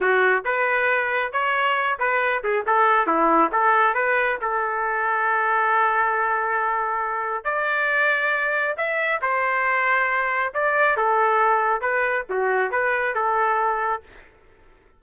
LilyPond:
\new Staff \with { instrumentName = "trumpet" } { \time 4/4 \tempo 4 = 137 fis'4 b'2 cis''4~ | cis''8 b'4 gis'8 a'4 e'4 | a'4 b'4 a'2~ | a'1~ |
a'4 d''2. | e''4 c''2. | d''4 a'2 b'4 | fis'4 b'4 a'2 | }